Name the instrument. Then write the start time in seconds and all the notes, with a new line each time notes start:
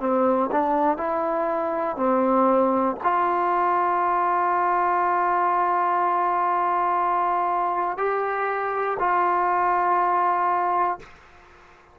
trombone
0.00 C4
0.52 D4
0.97 E4
1.97 C4
3.04 F4
7.98 G4
9.00 F4